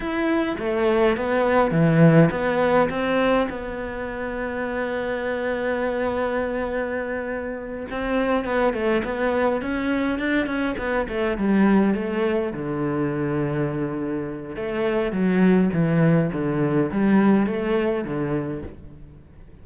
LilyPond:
\new Staff \with { instrumentName = "cello" } { \time 4/4 \tempo 4 = 103 e'4 a4 b4 e4 | b4 c'4 b2~ | b1~ | b4. c'4 b8 a8 b8~ |
b8 cis'4 d'8 cis'8 b8 a8 g8~ | g8 a4 d2~ d8~ | d4 a4 fis4 e4 | d4 g4 a4 d4 | }